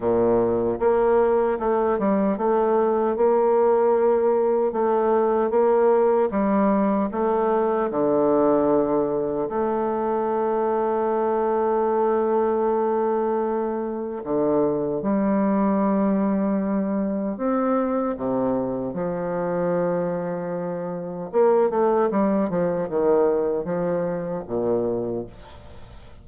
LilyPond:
\new Staff \with { instrumentName = "bassoon" } { \time 4/4 \tempo 4 = 76 ais,4 ais4 a8 g8 a4 | ais2 a4 ais4 | g4 a4 d2 | a1~ |
a2 d4 g4~ | g2 c'4 c4 | f2. ais8 a8 | g8 f8 dis4 f4 ais,4 | }